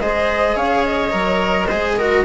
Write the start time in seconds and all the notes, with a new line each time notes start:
0.00 G#3 G#4 C5 D#5
0.56 C#4 C#5 F5
0.85 D#5
1.11 F#3 A#4
1.68 G#3 G#4 C5
1.98 F#4 A#4